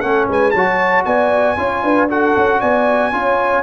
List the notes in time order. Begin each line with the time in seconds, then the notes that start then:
0.00 A3 C#4 A4 F#5
0.28 G#3 B4 G#5
0.51 F#3 F#4 C#5 A5
1.05 B3 D5 G#5
1.57 C#4 F4 C#5
1.83 D4 B4
2.08 F#4 A4 F#5
2.36 C#4
2.60 B3 D5 G#5
3.12 C#4 F4 C#5